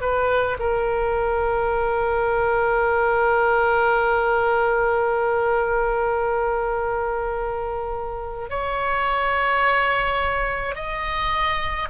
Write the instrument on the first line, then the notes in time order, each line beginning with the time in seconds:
oboe
0.00 B4
0.59 A#4
8.49 C#5
10.75 D#5